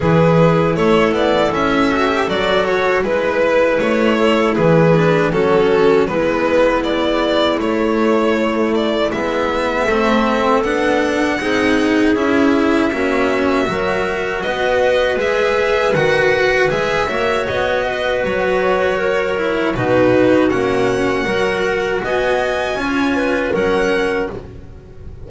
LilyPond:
<<
  \new Staff \with { instrumentName = "violin" } { \time 4/4 \tempo 4 = 79 b'4 cis''8 d''8 e''4 d''8 cis''8 | b'4 cis''4 b'4 a'4 | b'4 d''4 cis''4. d''8 | e''2 fis''2 |
e''2. dis''4 | e''4 fis''4 e''4 dis''4 | cis''2 b'4 fis''4~ | fis''4 gis''2 fis''4 | }
  \new Staff \with { instrumentName = "clarinet" } { \time 4/4 gis'4 a'2. | b'4. a'8 gis'4 fis'4 | e'1~ | e'4 a'2 gis'4~ |
gis'4 fis'4 ais'4 b'4~ | b'2~ b'8 cis''4 b'8~ | b'4 ais'4 fis'2 | ais'4 dis''4 cis''8 b'8 ais'4 | }
  \new Staff \with { instrumentName = "cello" } { \time 4/4 e'2~ e'8 fis'16 g'16 fis'4 | e'2~ e'8 d'8 cis'4 | b2 a2 | b4 c'4 d'4 dis'4 |
e'4 cis'4 fis'2 | gis'4 fis'4 gis'8 fis'4.~ | fis'4. e'8 dis'4 cis'4 | fis'2 f'4 cis'4 | }
  \new Staff \with { instrumentName = "double bass" } { \time 4/4 e4 a8 b8 cis'4 fis4 | gis4 a4 e4 fis4 | gis2 a2 | gis4 a4 b4 c'4 |
cis'4 ais4 fis4 b4 | gis4 dis4 gis8 ais8 b4 | fis2 b,4 ais4 | fis4 b4 cis'4 fis4 | }
>>